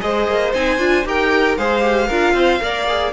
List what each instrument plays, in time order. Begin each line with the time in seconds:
0.00 cello G#3, viola G#4, violin C5 D#5
0.27 cello A#3
0.54 cello C4, viola D#4, violin G#5
0.78 cello D4, viola F4
1.04 cello D#4, viola G4, violin A#4 G5
1.57 cello G#3, viola G#4, violin C5 F5
1.81 viola G4
2.07 cello D4, viola F4, violin A#4
2.33 cello C4, violin C5
2.60 cello A#3, viola A#4, violin D5
2.88 viola G#4